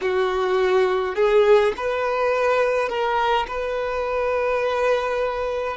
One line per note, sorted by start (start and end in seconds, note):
0.01 1.15 F#4
1.15 1.73 G#4
1.76 2.88 B4
2.88 3.46 A#4
3.47 5.76 B4